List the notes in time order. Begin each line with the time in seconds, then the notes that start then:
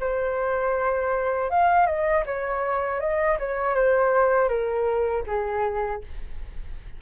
0.00 C5
1.50 F5
1.86 D#5
2.26 C#5
3.00 D#5
3.39 C#5
3.75 C5
4.48 A#4
5.26 G#4